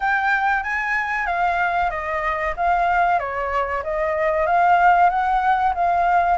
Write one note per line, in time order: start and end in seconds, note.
0.00 0.63 G5
0.63 1.26 G#5
1.26 1.90 F5
1.90 2.54 D#5
2.56 3.19 F5
3.19 3.83 C#5
3.83 4.46 D#5
4.46 5.09 F5
5.09 5.73 F#5
5.74 6.38 F5